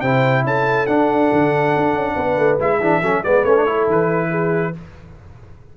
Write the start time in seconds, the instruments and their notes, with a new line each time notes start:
0.00 tuba C3, trombone E4, horn C5, trumpet G5
0.43 tuba C#4, horn A4, trumpet A5
0.86 tuba D4, trombone D4, trumpet F#5
1.32 tuba D3
1.76 tuba D4
1.93 tuba C#4
2.14 tuba B3, horn B4
2.37 tuba A3
2.59 tuba G#3, trombone E4, trumpet E5
2.79 tuba E3, trombone D4, horn G#4
3.01 tuba F#3, trombone C#4, horn A4
3.23 tuba G#3, trombone B3, horn B4, trumpet D5
3.44 tuba A3, trombone C#4, trumpet C#5
3.56 trombone D4
3.65 trombone E4, horn A4
3.87 tuba E3, trumpet B4
4.30 horn G#4